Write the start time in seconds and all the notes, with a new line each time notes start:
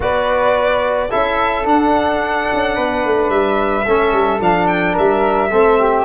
0.00 B3 F#4 B4 D5
1.10 C#4 E4 A4 E5
1.64 D4 F#5
2.53 C#4
2.75 B3 B4
3.05 A3
3.29 G3 E5
3.86 A3 C#4 A4
4.12 G3
4.40 F3 D4 F5
4.67 G5
4.93 G3 A#4 E5
5.50 A3 C4 A4
5.79 G4